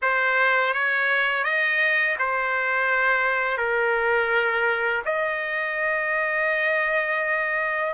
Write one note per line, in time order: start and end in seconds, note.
0.02 0.73 C5
0.73 1.44 C#5
1.44 2.16 D#5
2.18 3.58 C5
3.58 5.02 A#4
5.05 7.93 D#5